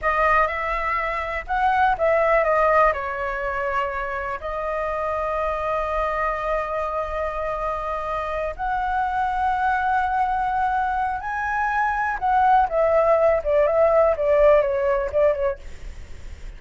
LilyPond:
\new Staff \with { instrumentName = "flute" } { \time 4/4 \tempo 4 = 123 dis''4 e''2 fis''4 | e''4 dis''4 cis''2~ | cis''4 dis''2.~ | dis''1~ |
dis''4. fis''2~ fis''8~ | fis''2. gis''4~ | gis''4 fis''4 e''4. d''8 | e''4 d''4 cis''4 d''8 cis''8 | }